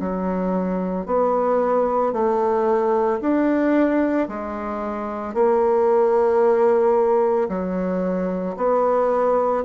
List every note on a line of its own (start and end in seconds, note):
0.00 1.06 F#3
1.06 2.13 B3
2.13 3.20 A3
3.21 4.28 D4
4.29 5.34 G#3
5.34 7.49 A#3
7.49 8.56 F#3
8.57 9.64 B3